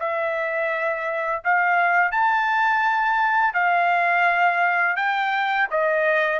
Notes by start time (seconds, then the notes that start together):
0.00 E5
1.44 F5
2.12 A5
3.54 F5
4.96 G5
5.71 D#5